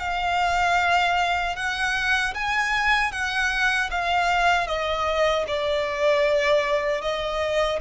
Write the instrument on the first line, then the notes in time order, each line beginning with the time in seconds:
violin
0.00 F5
1.56 F#5
2.34 G#5
3.12 F#5
3.91 F5
4.67 D#5
5.48 D5
7.02 D#5